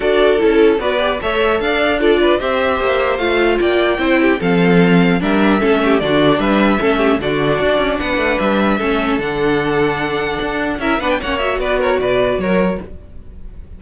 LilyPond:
<<
  \new Staff \with { instrumentName = "violin" } { \time 4/4 \tempo 4 = 150 d''4 a'4 d''4 e''4 | f''4 d''4 e''2 | f''4 g''2 f''4~ | f''4 e''2 d''4 |
e''2 d''2 | fis''4 e''2 fis''4~ | fis''2. e''8 fis''16 g''16 | fis''8 e''8 d''8 cis''8 d''4 cis''4 | }
  \new Staff \with { instrumentName = "violin" } { \time 4/4 a'2 b'4 cis''4 | d''4 a'8 b'8 c''2~ | c''4 d''4 c''8 g'8 a'4~ | a'4 ais'4 a'8 g'8 fis'4 |
b'4 a'8 g'8 fis'2 | b'2 a'2~ | a'2. ais'8 b'8 | cis''4 b'8 ais'8 b'4 ais'4 | }
  \new Staff \with { instrumentName = "viola" } { \time 4/4 fis'4 e'4 fis'8 g'8 a'4~ | a'4 f'4 g'2 | f'2 e'4 c'4~ | c'4 d'4 cis'4 d'4~ |
d'4 cis'4 d'2~ | d'2 cis'4 d'4~ | d'2. e'8 d'8 | cis'8 fis'2.~ fis'8 | }
  \new Staff \with { instrumentName = "cello" } { \time 4/4 d'4 cis'4 b4 a4 | d'2 c'4 ais4 | a4 ais4 c'4 f4~ | f4 g4 a4 d4 |
g4 a4 d4 d'8 cis'8 | b8 a8 g4 a4 d4~ | d2 d'4 cis'8 b8 | ais4 b4 b,4 fis4 | }
>>